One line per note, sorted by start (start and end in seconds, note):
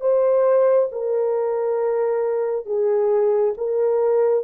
0.00 0.88 C5
0.91 2.66 A#4
2.66 3.54 G#4
3.57 4.44 A#4